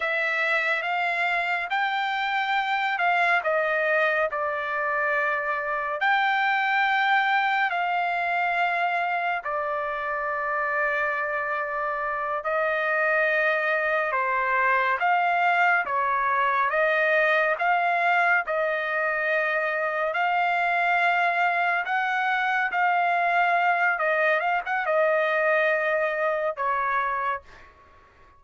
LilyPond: \new Staff \with { instrumentName = "trumpet" } { \time 4/4 \tempo 4 = 70 e''4 f''4 g''4. f''8 | dis''4 d''2 g''4~ | g''4 f''2 d''4~ | d''2~ d''8 dis''4.~ |
dis''8 c''4 f''4 cis''4 dis''8~ | dis''8 f''4 dis''2 f''8~ | f''4. fis''4 f''4. | dis''8 f''16 fis''16 dis''2 cis''4 | }